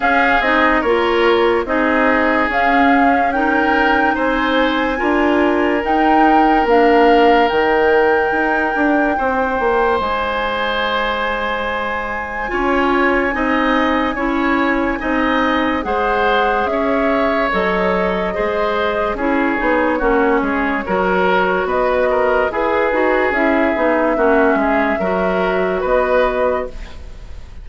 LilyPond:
<<
  \new Staff \with { instrumentName = "flute" } { \time 4/4 \tempo 4 = 72 f''8 dis''8 cis''4 dis''4 f''4 | g''4 gis''2 g''4 | f''4 g''2. | gis''1~ |
gis''2. fis''4 | e''4 dis''2 cis''4~ | cis''2 dis''4 b'4 | e''2. dis''4 | }
  \new Staff \with { instrumentName = "oboe" } { \time 4/4 gis'4 ais'4 gis'2 | ais'4 c''4 ais'2~ | ais'2. c''4~ | c''2. cis''4 |
dis''4 cis''4 dis''4 c''4 | cis''2 c''4 gis'4 | fis'8 gis'8 ais'4 b'8 ais'8 gis'4~ | gis'4 fis'8 gis'8 ais'4 b'4 | }
  \new Staff \with { instrumentName = "clarinet" } { \time 4/4 cis'8 dis'8 f'4 dis'4 cis'4 | dis'2 f'4 dis'4 | d'4 dis'2.~ | dis'2. f'4 |
dis'4 e'4 dis'4 gis'4~ | gis'4 a'4 gis'4 e'8 dis'8 | cis'4 fis'2 gis'8 fis'8 | e'8 dis'8 cis'4 fis'2 | }
  \new Staff \with { instrumentName = "bassoon" } { \time 4/4 cis'8 c'8 ais4 c'4 cis'4~ | cis'4 c'4 d'4 dis'4 | ais4 dis4 dis'8 d'8 c'8 ais8 | gis2. cis'4 |
c'4 cis'4 c'4 gis4 | cis'4 fis4 gis4 cis'8 b8 | ais8 gis8 fis4 b4 e'8 dis'8 | cis'8 b8 ais8 gis8 fis4 b4 | }
>>